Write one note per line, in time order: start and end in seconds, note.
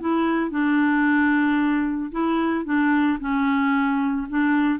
0.00 0.50 E4
0.50 2.11 D4
2.11 2.65 E4
2.65 3.19 D4
3.20 4.27 C#4
4.29 4.79 D4